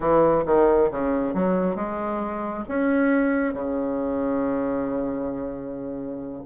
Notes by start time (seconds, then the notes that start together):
0.00 E3
0.45 D#3
0.90 C#3
1.33 F#3
1.75 G#3
2.68 C#4
3.53 C#3